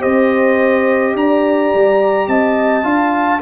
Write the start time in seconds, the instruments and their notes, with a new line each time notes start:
0.00 tuba C4, trombone G4, horn C5, trumpet D#5
1.15 tuba D4, horn D5, trumpet A#5
1.75 tuba G3
2.28 tuba C4, horn D#5, trumpet A5
2.83 tuba D4, trombone F4, horn F5